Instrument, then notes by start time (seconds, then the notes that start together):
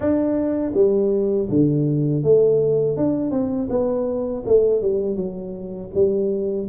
tuba
0.00 D4
0.74 G3
1.49 D3
2.23 A3
2.96 D4
3.31 C4
3.69 B3
4.46 A3
4.81 G3
5.16 F#3
5.94 G3